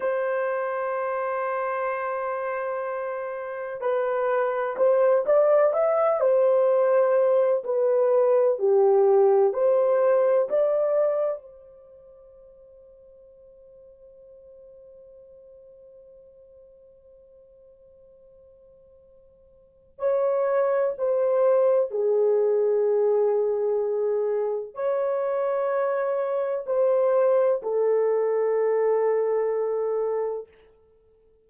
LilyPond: \new Staff \with { instrumentName = "horn" } { \time 4/4 \tempo 4 = 63 c''1 | b'4 c''8 d''8 e''8 c''4. | b'4 g'4 c''4 d''4 | c''1~ |
c''1~ | c''4 cis''4 c''4 gis'4~ | gis'2 cis''2 | c''4 a'2. | }